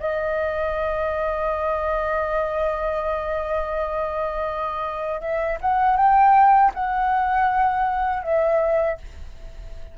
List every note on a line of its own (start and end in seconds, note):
0.00 5.21 D#5
5.21 5.58 E5
5.61 5.97 F#5
5.97 6.72 G5
6.75 8.23 F#5
8.23 8.98 E5